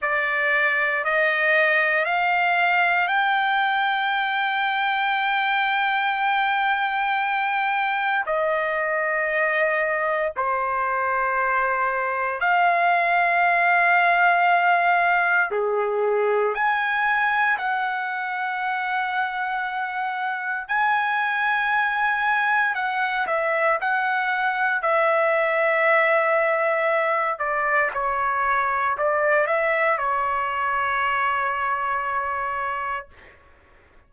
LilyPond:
\new Staff \with { instrumentName = "trumpet" } { \time 4/4 \tempo 4 = 58 d''4 dis''4 f''4 g''4~ | g''1 | dis''2 c''2 | f''2. gis'4 |
gis''4 fis''2. | gis''2 fis''8 e''8 fis''4 | e''2~ e''8 d''8 cis''4 | d''8 e''8 cis''2. | }